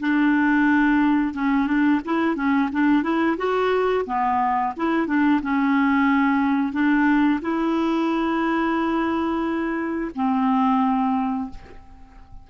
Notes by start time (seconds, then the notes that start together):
0.00 D4
1.34 C#4
1.67 D4
2.04 E4
2.35 C#4
2.72 D4
3.02 E4
3.37 F#4
4.06 B3
4.76 E4
5.07 D4
5.42 C#4
6.72 D4
7.41 E4
10.15 C4